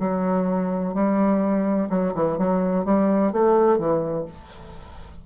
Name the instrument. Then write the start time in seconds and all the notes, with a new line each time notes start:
bassoon
0.00 F#3
0.94 G3
1.90 F#3
2.15 E3
2.38 F#3
2.85 G3
3.33 A3
3.79 E3